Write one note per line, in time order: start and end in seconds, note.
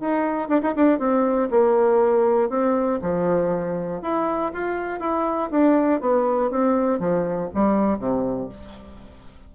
0.00 0.49 D#4
0.49 0.61 D4
0.62 0.74 D#4
0.75 0.99 D4
0.99 1.49 C4
1.50 2.49 A#3
2.49 2.99 C4
3.01 4.01 F3
4.01 4.51 E4
4.53 5.00 F4
5.00 5.50 E4
5.50 6.00 D4
6.00 6.50 B3
6.50 6.99 C4
6.99 7.49 F3
7.54 7.99 G3
7.99 8.49 C3